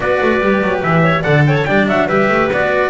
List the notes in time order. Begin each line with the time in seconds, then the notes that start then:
0.00 B3 F#4 B4 D5
0.22 A3
0.40 G3 G4
0.62 F#3
0.82 E3 E5
1.03 C#5
1.22 D3 A4 D5 F#5
1.46 C#5 G5
1.55 A5
1.65 G3 D4 D5 G5
1.87 F#3 E5 F#5
2.07 G3 G4 B4 E5
2.29 A3
2.51 B3 F#4 D5